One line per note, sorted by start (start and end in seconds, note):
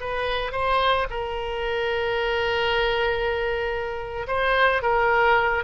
0.00 0.52 B4
0.52 1.07 C5
1.10 4.26 A#4
4.27 4.82 C5
4.82 5.63 A#4